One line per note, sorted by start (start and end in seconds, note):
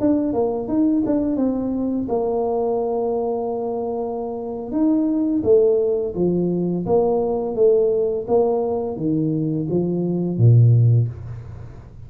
0.00 0.33 D4
0.33 0.68 A#3
0.68 1.03 D#4
1.06 1.37 D4
1.37 2.07 C4
2.09 4.71 A#3
4.71 5.42 D#4
5.44 6.14 A3
6.15 6.86 F3
6.86 7.55 A#3
7.55 8.26 A3
8.27 8.96 A#3
8.96 9.67 D#3
9.70 10.38 F3
10.38 11.08 A#2